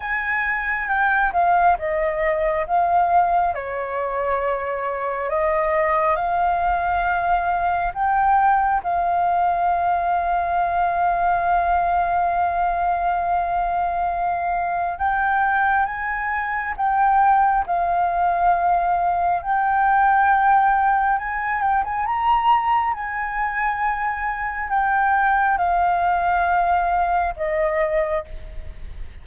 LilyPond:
\new Staff \with { instrumentName = "flute" } { \time 4/4 \tempo 4 = 68 gis''4 g''8 f''8 dis''4 f''4 | cis''2 dis''4 f''4~ | f''4 g''4 f''2~ | f''1~ |
f''4 g''4 gis''4 g''4 | f''2 g''2 | gis''8 g''16 gis''16 ais''4 gis''2 | g''4 f''2 dis''4 | }